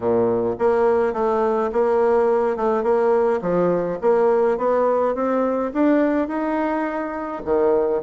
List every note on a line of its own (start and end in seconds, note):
0.00 0.55 A#2
0.58 1.13 A#3
1.13 1.70 A3
1.72 2.56 A#3
2.56 2.83 A3
2.83 3.40 A#3
3.41 3.98 F3
4.01 4.57 A#3
4.57 5.14 B3
5.14 5.71 C4
5.73 6.28 D4
6.28 7.42 D#4
7.44 8.02 D#3